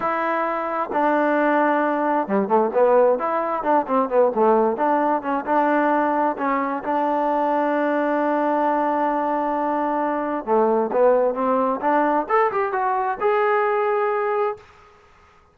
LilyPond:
\new Staff \with { instrumentName = "trombone" } { \time 4/4 \tempo 4 = 132 e'2 d'2~ | d'4 g8 a8 b4 e'4 | d'8 c'8 b8 a4 d'4 cis'8 | d'2 cis'4 d'4~ |
d'1~ | d'2. a4 | b4 c'4 d'4 a'8 g'8 | fis'4 gis'2. | }